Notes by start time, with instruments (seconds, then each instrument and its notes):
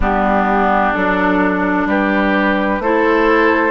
0.00 bassoon G3, clarinet B3, oboe D4, flute G4
0.93 bassoon F#3, clarinet D4, flute A4
1.85 bassoon G3, oboe G4, flute B4
2.79 bassoon A3, clarinet E4, oboe A4, flute C5